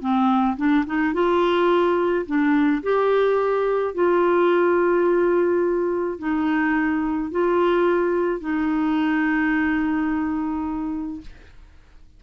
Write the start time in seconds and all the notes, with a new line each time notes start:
0.00 C4
0.57 D4
0.86 D#4
1.13 F4
2.26 D4
2.83 G4
3.94 F4
6.19 D#4
7.31 F4
8.40 D#4